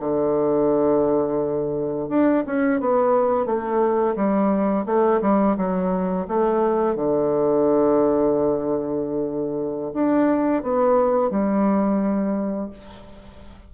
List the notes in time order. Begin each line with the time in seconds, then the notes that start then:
0.00 D3
2.09 D4
2.47 C#4
2.81 B3
3.46 A3
4.16 G3
4.86 A3
5.22 G3
5.57 F#3
6.28 A3
6.96 D3
9.94 D4
10.63 B3
11.31 G3